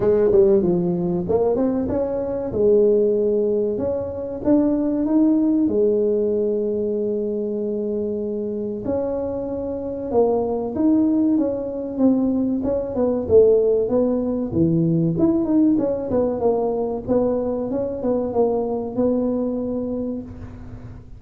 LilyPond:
\new Staff \with { instrumentName = "tuba" } { \time 4/4 \tempo 4 = 95 gis8 g8 f4 ais8 c'8 cis'4 | gis2 cis'4 d'4 | dis'4 gis2.~ | gis2 cis'2 |
ais4 dis'4 cis'4 c'4 | cis'8 b8 a4 b4 e4 | e'8 dis'8 cis'8 b8 ais4 b4 | cis'8 b8 ais4 b2 | }